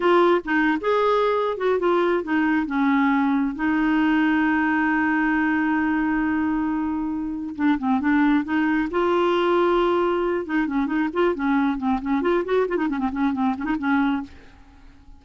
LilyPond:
\new Staff \with { instrumentName = "clarinet" } { \time 4/4 \tempo 4 = 135 f'4 dis'8. gis'4.~ gis'16 fis'8 | f'4 dis'4 cis'2 | dis'1~ | dis'1~ |
dis'4 d'8 c'8 d'4 dis'4 | f'2.~ f'8 dis'8 | cis'8 dis'8 f'8 cis'4 c'8 cis'8 f'8 | fis'8 f'16 dis'16 cis'16 c'16 cis'8 c'8 cis'16 dis'16 cis'4 | }